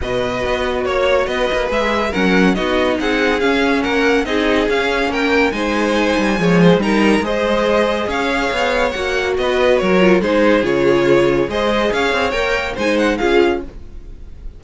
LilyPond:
<<
  \new Staff \with { instrumentName = "violin" } { \time 4/4 \tempo 4 = 141 dis''2 cis''4 dis''4 | e''4 fis''4 dis''4 fis''4 | f''4 fis''4 dis''4 f''4 | g''4 gis''2. |
ais''4 dis''2 f''4~ | f''4 fis''4 dis''4 cis''4 | c''4 cis''2 dis''4 | f''4 g''4 gis''8 fis''8 f''4 | }
  \new Staff \with { instrumentName = "violin" } { \time 4/4 b'2 cis''4 b'4~ | b'4 ais'4 fis'4 gis'4~ | gis'4 ais'4 gis'2 | ais'4 c''2 cis''8 c''8 |
ais'4 c''2 cis''4~ | cis''2 b'4 ais'4 | gis'2. c''4 | cis''2 c''4 gis'4 | }
  \new Staff \with { instrumentName = "viola" } { \time 4/4 fis'1 | gis'4 cis'4 dis'2 | cis'2 dis'4 cis'4~ | cis'4 dis'2 gis4 |
dis'4 gis'2.~ | gis'4 fis'2~ fis'8 f'8 | dis'4 f'2 gis'4~ | gis'4 ais'4 dis'4 f'4 | }
  \new Staff \with { instrumentName = "cello" } { \time 4/4 b,4 b4 ais4 b8 ais8 | gis4 fis4 b4 c'4 | cis'4 ais4 c'4 cis'4 | ais4 gis4. g8 f4 |
g4 gis2 cis'4 | b4 ais4 b4 fis4 | gis4 cis2 gis4 | cis'8 c'8 ais4 gis4 cis'4 | }
>>